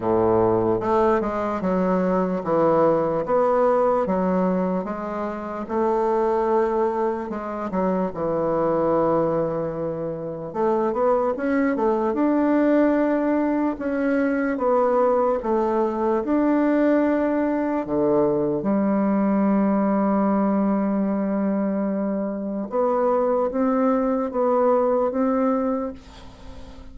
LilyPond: \new Staff \with { instrumentName = "bassoon" } { \time 4/4 \tempo 4 = 74 a,4 a8 gis8 fis4 e4 | b4 fis4 gis4 a4~ | a4 gis8 fis8 e2~ | e4 a8 b8 cis'8 a8 d'4~ |
d'4 cis'4 b4 a4 | d'2 d4 g4~ | g1 | b4 c'4 b4 c'4 | }